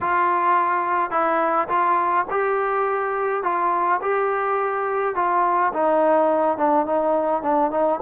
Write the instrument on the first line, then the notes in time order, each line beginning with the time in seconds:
trombone
0.01 F4
1.11 E4
1.68 F4
2.30 G4
3.43 F4
4.01 G4
5.15 F4
5.73 D#4
6.57 D4
6.85 D#4
7.42 D4
7.70 D#4